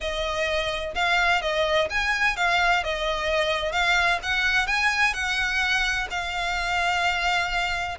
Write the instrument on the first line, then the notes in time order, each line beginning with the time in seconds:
violin
0.00 D#5
0.95 F5
1.41 D#5
1.90 G#5
2.36 F5
2.83 D#5
3.72 F5
4.23 F#5
4.66 G#5
5.13 F#5
6.10 F5